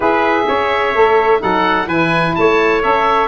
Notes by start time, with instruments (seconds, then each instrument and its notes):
0.00 tuba E4, saxophone G#4, trumpet B4, oboe E5
0.47 tuba C#4, trumpet C#5
0.94 tuba A3, saxophone A4
1.39 tuba F#3, saxophone D#4, trumpet A4, oboe F#5
1.86 tuba E3, saxophone E4, trumpet B4, oboe G#5
2.35 tuba A3, trumpet C#5, oboe A5
2.82 tuba C#4, saxophone A4, oboe E5